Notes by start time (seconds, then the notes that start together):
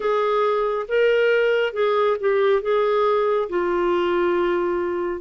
0.00 G#4
0.88 A#4
1.73 G#4
2.20 G4
2.61 G#4
3.49 F4